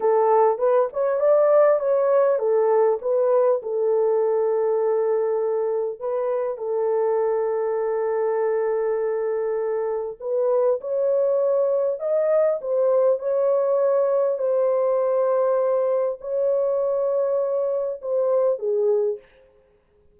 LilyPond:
\new Staff \with { instrumentName = "horn" } { \time 4/4 \tempo 4 = 100 a'4 b'8 cis''8 d''4 cis''4 | a'4 b'4 a'2~ | a'2 b'4 a'4~ | a'1~ |
a'4 b'4 cis''2 | dis''4 c''4 cis''2 | c''2. cis''4~ | cis''2 c''4 gis'4 | }